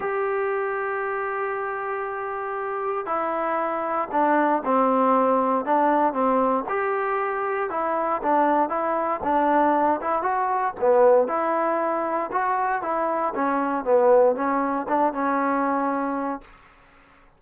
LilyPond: \new Staff \with { instrumentName = "trombone" } { \time 4/4 \tempo 4 = 117 g'1~ | g'2 e'2 | d'4 c'2 d'4 | c'4 g'2 e'4 |
d'4 e'4 d'4. e'8 | fis'4 b4 e'2 | fis'4 e'4 cis'4 b4 | cis'4 d'8 cis'2~ cis'8 | }